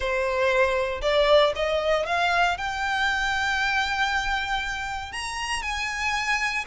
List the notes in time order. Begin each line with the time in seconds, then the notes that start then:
0.00 C5
1.01 D5
1.55 D#5
2.06 F5
2.57 G5
5.12 A#5
5.62 G#5